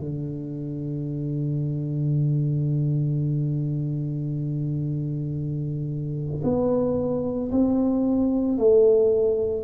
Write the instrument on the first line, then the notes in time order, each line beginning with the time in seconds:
tuba
0.00 D3
6.44 B3
7.52 C4
8.58 A3